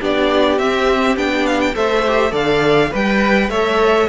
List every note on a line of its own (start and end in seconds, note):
0.00 0.58 B3
0.00 0.58 D4
0.00 1.75 G4
0.00 0.58 D5
0.58 1.16 C4
0.58 1.17 C4
0.58 1.16 E5
1.16 1.75 B3
1.16 1.74 D4
1.16 1.46 G5
1.46 1.60 F5
1.60 1.75 G5
1.74 2.32 A3
1.74 2.03 A4
1.74 2.32 C5
1.74 2.34 E5
2.07 2.30 G4
2.30 2.90 D3
2.30 2.89 A4
2.30 2.90 D5
2.30 2.93 F5
2.90 3.49 G3
2.90 3.49 B4
2.90 3.51 B4
2.90 3.50 G5
3.49 4.07 A3
3.49 4.08 A4
3.49 4.08 C#5
3.49 4.08 E5